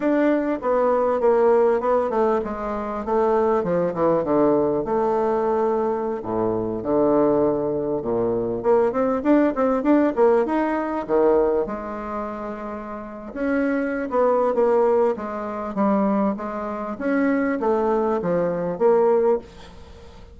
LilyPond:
\new Staff \with { instrumentName = "bassoon" } { \time 4/4 \tempo 4 = 99 d'4 b4 ais4 b8 a8 | gis4 a4 f8 e8 d4 | a2~ a16 a,4 d8.~ | d4~ d16 ais,4 ais8 c'8 d'8 c'16~ |
c'16 d'8 ais8 dis'4 dis4 gis8.~ | gis2 cis'4~ cis'16 b8. | ais4 gis4 g4 gis4 | cis'4 a4 f4 ais4 | }